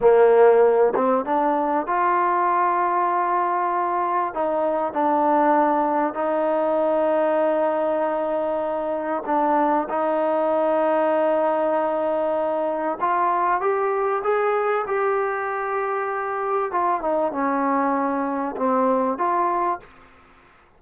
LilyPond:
\new Staff \with { instrumentName = "trombone" } { \time 4/4 \tempo 4 = 97 ais4. c'8 d'4 f'4~ | f'2. dis'4 | d'2 dis'2~ | dis'2. d'4 |
dis'1~ | dis'4 f'4 g'4 gis'4 | g'2. f'8 dis'8 | cis'2 c'4 f'4 | }